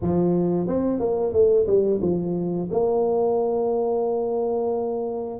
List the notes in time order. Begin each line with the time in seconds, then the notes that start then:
0.01 F3
0.67 C4
0.99 A#3
1.32 A3
1.66 G3
2.01 F3
2.71 A#3